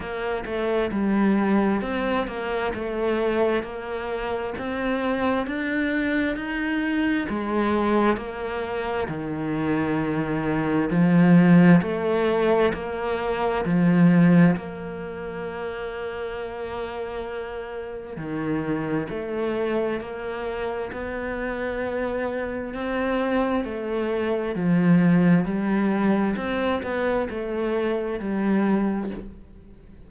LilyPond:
\new Staff \with { instrumentName = "cello" } { \time 4/4 \tempo 4 = 66 ais8 a8 g4 c'8 ais8 a4 | ais4 c'4 d'4 dis'4 | gis4 ais4 dis2 | f4 a4 ais4 f4 |
ais1 | dis4 a4 ais4 b4~ | b4 c'4 a4 f4 | g4 c'8 b8 a4 g4 | }